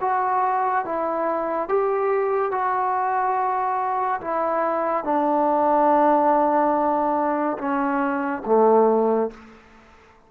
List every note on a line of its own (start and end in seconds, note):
0.00 0.85 F#4
0.85 1.68 E4
1.68 2.51 G4
2.51 4.20 F#4
4.21 5.04 E4
5.04 7.57 D4
7.58 8.42 C#4
8.45 9.30 A3